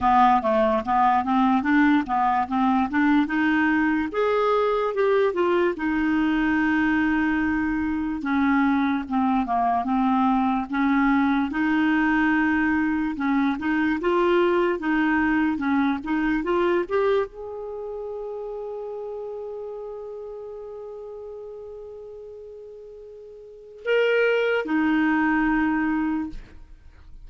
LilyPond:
\new Staff \with { instrumentName = "clarinet" } { \time 4/4 \tempo 4 = 73 b8 a8 b8 c'8 d'8 b8 c'8 d'8 | dis'4 gis'4 g'8 f'8 dis'4~ | dis'2 cis'4 c'8 ais8 | c'4 cis'4 dis'2 |
cis'8 dis'8 f'4 dis'4 cis'8 dis'8 | f'8 g'8 gis'2.~ | gis'1~ | gis'4 ais'4 dis'2 | }